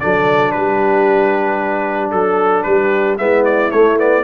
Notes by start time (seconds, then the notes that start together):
0.00 F#3 D4 A4 D5
0.52 G3 G4 B4
2.12 F#3 A4
2.63 G3 G4 B4
3.18 G#3 B3 E4 E5
3.45 D5
3.71 A3 C#5
3.98 B3 D5